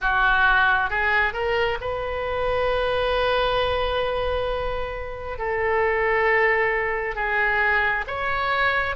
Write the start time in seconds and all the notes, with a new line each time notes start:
0.01 F#4
0.90 G#4
1.33 A#4
1.81 B4
5.38 A4
7.15 G#4
8.07 C#5